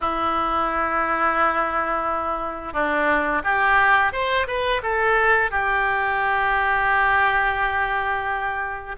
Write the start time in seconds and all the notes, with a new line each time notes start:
0.00 E4
2.73 D4
3.44 G4
4.12 C5
4.47 B4
4.82 A4
5.50 G4